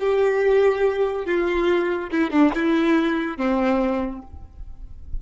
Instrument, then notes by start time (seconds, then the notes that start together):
violin
0.00 G4
1.26 F4
2.12 E4
2.31 D4
2.55 E4
3.38 C4